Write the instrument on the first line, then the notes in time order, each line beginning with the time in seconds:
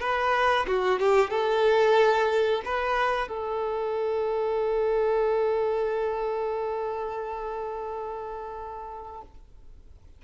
violin
0.00 B4
0.67 F#4
0.99 G4
1.30 A4
2.65 B4
3.28 A4